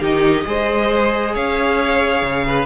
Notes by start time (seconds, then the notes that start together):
0.00 D#3 D#4 G4 D#5
0.45 G#3 G#4 C5
1.34 C#4 C#5 F5
2.22 C#3
2.46 B4